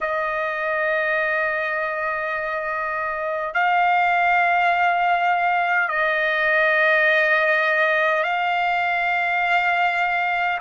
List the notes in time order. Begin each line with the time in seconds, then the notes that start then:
0.01 D#5
3.53 F5
5.88 D#5
8.23 F5